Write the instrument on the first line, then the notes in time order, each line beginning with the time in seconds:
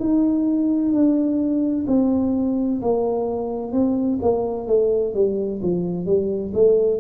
tuba
0.00 D#4
0.92 D4
1.87 C4
2.81 A#3
3.72 C4
4.21 A#3
4.67 A3
5.14 G3
5.62 F3
6.06 G3
6.54 A3